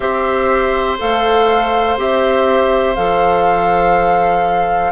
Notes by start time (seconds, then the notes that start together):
0.00 C4 G4 C5 E5
0.98 A3 A4 F5
1.97 C4 G4 E5
2.95 F3 A4 F5